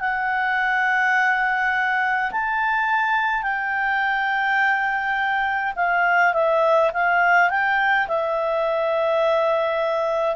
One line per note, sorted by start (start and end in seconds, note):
0.00 2.31 F#5
2.31 3.42 A5
3.42 5.73 G5
5.76 6.34 F5
6.34 6.91 E5
6.93 7.50 F5
7.50 8.08 G5
8.08 10.36 E5